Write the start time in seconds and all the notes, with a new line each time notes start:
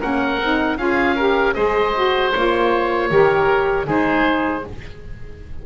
0.00 A#3 C#4 A#4 F#5
0.40 C4 D#4
0.77 C#4 F4 G#4 F5
1.16 G4 A#4
1.54 G#3 G#4 C5 D#5
1.95 F#4
2.32 A#3 F4 C#5
3.10 D#3 G4 A#4
3.86 G#3 D#4 G#4 C5